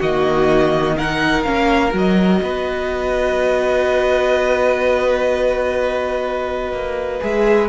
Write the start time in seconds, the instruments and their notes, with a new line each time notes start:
0.00 cello D#3, viola A#3, violin F#4 D#5
0.97 viola D#4, violin A#4 F#5
1.43 cello A#3, viola C#4, violin F5
1.92 cello F#3, viola F#4, violin D#5
2.43 cello B3, violin B4
6.73 cello A#3
7.21 cello G#3, viola G#4, violin E5